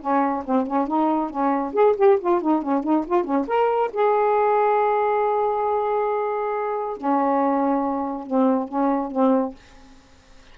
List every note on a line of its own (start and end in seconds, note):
0.00 0.43 C#4
0.45 0.66 C4
0.66 0.87 C#4
0.87 1.30 D#4
1.30 1.73 C#4
1.73 1.95 G#4
1.96 2.18 G4
2.20 2.41 F4
2.41 2.62 D#4
2.62 2.83 C#4
2.83 3.05 D#4
3.06 3.24 F4
3.24 3.45 C#4
3.47 3.91 A#4
3.93 6.97 G#4
6.97 8.26 C#4
8.26 8.68 C4
8.68 9.11 C#4
9.11 9.54 C4